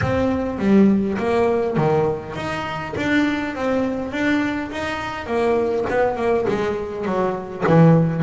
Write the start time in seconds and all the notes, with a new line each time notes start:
0.01 C4
0.58 G3
1.18 A#3
1.76 D#3
2.35 D#4
2.97 D4
3.55 C4
4.12 D4
4.71 D#4
5.26 A#3
5.89 B3
6.16 A#3
6.48 G#3
7.05 F#3
7.67 E3